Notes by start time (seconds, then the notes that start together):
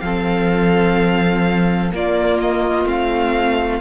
0.00 F3 C4 A4 F5
1.91 A#3 F4 D5
2.40 D#5
2.86 A3 C4 F5